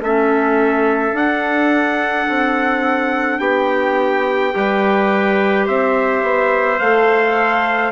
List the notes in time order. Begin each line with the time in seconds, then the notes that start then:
0.00 A3 C#4 A4 E5
1.12 D4 F#5
2.29 C4
3.39 B3 G4 G5
4.51 G3 G4 B4
5.66 C4 C5 E5
6.23 B3
6.79 A3 A4 F5